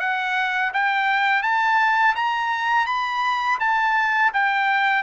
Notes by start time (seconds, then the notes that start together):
0.00 F#5
0.74 G5
1.43 A5
2.16 A#5
2.87 B5
3.60 A5
4.33 G5